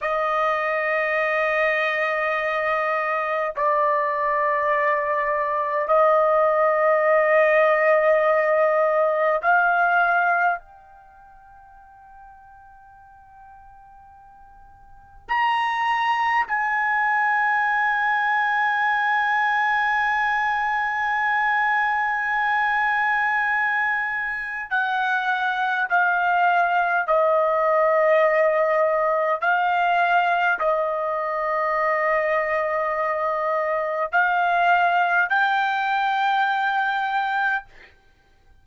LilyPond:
\new Staff \with { instrumentName = "trumpet" } { \time 4/4 \tempo 4 = 51 dis''2. d''4~ | d''4 dis''2. | f''4 g''2.~ | g''4 ais''4 gis''2~ |
gis''1~ | gis''4 fis''4 f''4 dis''4~ | dis''4 f''4 dis''2~ | dis''4 f''4 g''2 | }